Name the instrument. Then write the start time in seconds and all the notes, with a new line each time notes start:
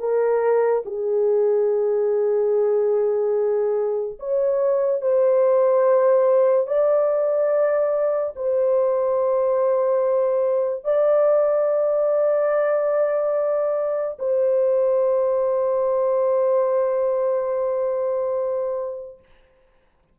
horn
0.00 A#4
0.86 G#4
4.20 C#5
5.02 C5
6.67 D5
8.36 C5
10.85 D5
14.20 C5